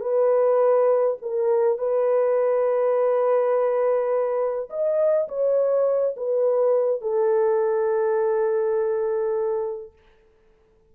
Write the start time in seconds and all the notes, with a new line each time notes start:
0.00 B4
1.22 A#4
1.78 B4
4.69 D#5
5.28 C#5
6.16 B4
7.01 A4